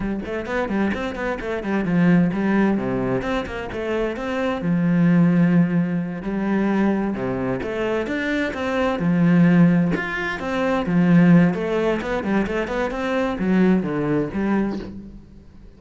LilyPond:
\new Staff \with { instrumentName = "cello" } { \time 4/4 \tempo 4 = 130 g8 a8 b8 g8 c'8 b8 a8 g8 | f4 g4 c4 c'8 ais8 | a4 c'4 f2~ | f4. g2 c8~ |
c8 a4 d'4 c'4 f8~ | f4. f'4 c'4 f8~ | f4 a4 b8 g8 a8 b8 | c'4 fis4 d4 g4 | }